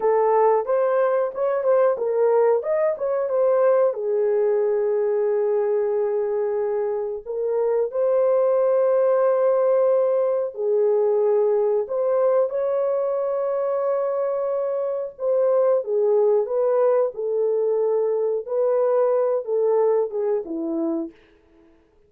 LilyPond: \new Staff \with { instrumentName = "horn" } { \time 4/4 \tempo 4 = 91 a'4 c''4 cis''8 c''8 ais'4 | dis''8 cis''8 c''4 gis'2~ | gis'2. ais'4 | c''1 |
gis'2 c''4 cis''4~ | cis''2. c''4 | gis'4 b'4 a'2 | b'4. a'4 gis'8 e'4 | }